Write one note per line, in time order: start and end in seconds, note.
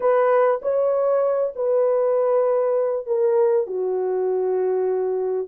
0.00 0.60 B4
0.62 1.53 C#5
1.55 3.06 B4
3.06 3.67 A#4
3.67 5.47 F#4